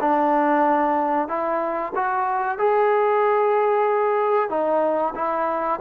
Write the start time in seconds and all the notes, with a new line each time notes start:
0.00 D4
1.28 E4
1.95 F#4
2.58 G#4
4.49 D#4
5.15 E4